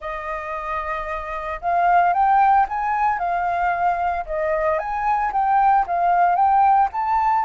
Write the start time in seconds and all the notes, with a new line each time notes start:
0.00 D#5
1.61 F5
2.13 G5
2.68 G#5
3.19 F5
4.26 D#5
4.78 G#5
5.32 G5
5.86 F5
6.35 G5
6.92 A5